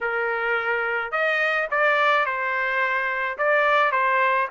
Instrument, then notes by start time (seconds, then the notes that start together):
trumpet
0.00 A#4
1.11 D#5
1.70 D5
2.25 C5
3.38 D5
3.91 C5